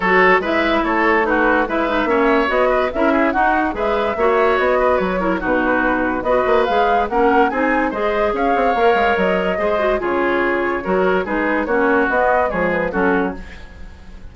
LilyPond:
<<
  \new Staff \with { instrumentName = "flute" } { \time 4/4 \tempo 4 = 144 cis''4 e''4 cis''4 b'4 | e''2 dis''4 e''4 | fis''4 e''2 dis''4 | cis''4 b'2 dis''4 |
f''4 fis''4 gis''4 dis''4 | f''2 dis''2 | cis''2. b'4 | cis''4 dis''4 cis''8 b'8 a'4 | }
  \new Staff \with { instrumentName = "oboe" } { \time 4/4 a'4 b'4 a'4 fis'4 | b'4 cis''4. b'8 ais'8 gis'8 | fis'4 b'4 cis''4. b'8~ | b'8 ais'8 fis'2 b'4~ |
b'4 ais'4 gis'4 c''4 | cis''2. c''4 | gis'2 ais'4 gis'4 | fis'2 gis'4 fis'4 | }
  \new Staff \with { instrumentName = "clarinet" } { \time 4/4 fis'4 e'2 dis'4 | e'8 dis'8 cis'4 fis'4 e'4 | dis'4 gis'4 fis'2~ | fis'8 e'8 dis'2 fis'4 |
gis'4 cis'4 dis'4 gis'4~ | gis'4 ais'2 gis'8 fis'8 | f'2 fis'4 dis'4 | cis'4 b4 gis4 cis'4 | }
  \new Staff \with { instrumentName = "bassoon" } { \time 4/4 fis4 gis4 a2 | gis4 ais4 b4 cis'4 | dis'4 gis4 ais4 b4 | fis4 b,2 b8 ais8 |
gis4 ais4 c'4 gis4 | cis'8 c'8 ais8 gis8 fis4 gis4 | cis2 fis4 gis4 | ais4 b4 f4 fis4 | }
>>